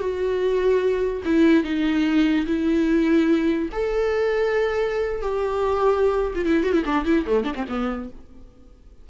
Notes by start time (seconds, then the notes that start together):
0.00 F#4
1.25 E4
1.64 D#4
2.47 E4
3.72 A4
5.22 G4
6.35 F4
6.46 E4
6.64 F#4
6.73 E4
6.86 D4
7.05 E4
7.27 A3
7.44 D4
7.55 C4
7.69 B3